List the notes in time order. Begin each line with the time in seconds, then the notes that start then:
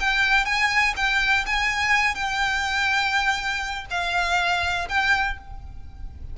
0.00 G5
0.45 G#5
0.96 G5
1.46 G#5
2.15 G5
3.90 F5
4.88 G5